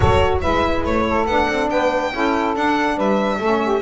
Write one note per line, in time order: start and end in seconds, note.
0.00 0.44 F#3
0.00 0.41 F#4
0.00 0.39 A4
0.00 0.38 C#5
0.41 0.84 G#3
0.41 1.26 E4
0.41 1.05 B4
0.41 0.83 E5
0.84 1.26 A3
0.84 1.26 C#5
1.08 1.70 A4
1.26 1.47 B3
1.26 2.12 D4
1.26 1.69 F#5
1.48 1.69 C4
1.69 2.12 B3
1.69 2.12 B4
1.69 2.54 G5
2.12 2.55 C#4
2.12 2.55 E4
2.12 2.96 A4
2.55 2.97 D4
2.55 3.40 D4
2.55 2.99 F#5
2.96 3.39 G3
2.96 3.38 B4
2.96 3.81 E5
3.39 3.81 A3
3.39 3.81 C#4
3.39 3.60 A4
3.63 3.81 G4